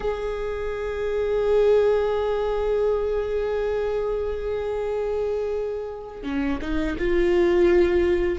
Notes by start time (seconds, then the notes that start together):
0.00 G#4
6.23 C#4
6.61 D#4
6.98 F4